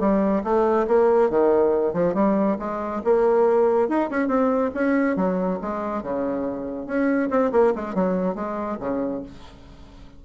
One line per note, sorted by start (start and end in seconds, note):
0.00 0.43 G3
0.44 0.87 A3
0.88 1.30 A#3
1.30 1.94 D#3
1.94 2.14 F3
2.14 2.57 G3
2.59 3.02 G#3
3.05 3.89 A#3
3.89 4.10 D#4
4.11 4.28 C#4
4.28 4.71 C4
4.74 5.17 C#4
5.17 5.59 F#3
5.62 6.03 G#3
6.03 6.87 C#3
6.87 7.30 C#4
7.30 7.52 C4
7.52 7.74 A#3
7.76 7.95 G#3
7.95 8.35 F#3
8.35 8.78 G#3
8.80 9.23 C#3